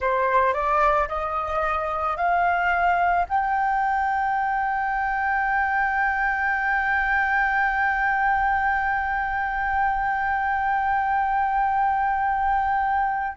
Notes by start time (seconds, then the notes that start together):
0.00 C5
0.53 D5
1.08 D#5
2.17 F5
3.28 G5